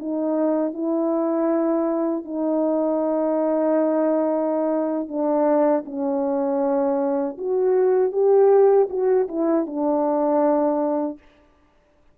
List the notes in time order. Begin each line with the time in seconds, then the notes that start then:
0.00 D#4
0.74 E4
2.25 D#4
5.09 D4
5.86 C#4
7.38 F#4
8.13 G4
8.90 F#4
9.28 E4
9.67 D4